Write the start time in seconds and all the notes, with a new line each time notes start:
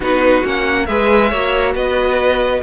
0.00 B3 D#4 F#4 B4
0.43 A#3 C#4 F#5
0.85 G#3 G#4 B4 E5
1.29 A#3 F#4 C#5
1.74 B3 B4 D#5